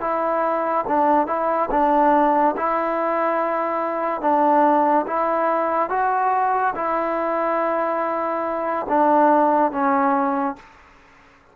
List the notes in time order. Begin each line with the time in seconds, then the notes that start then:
0.00 E4
0.87 D4
1.27 E4
1.71 D4
2.57 E4
4.21 D4
5.06 E4
5.89 F#4
6.75 E4
8.88 D4
9.71 C#4